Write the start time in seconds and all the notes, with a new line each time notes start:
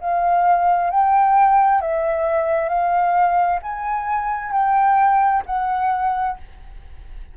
0.00 F5
0.90 G5
1.81 E5
2.69 F5
3.62 G#5
4.52 G5
5.46 F#5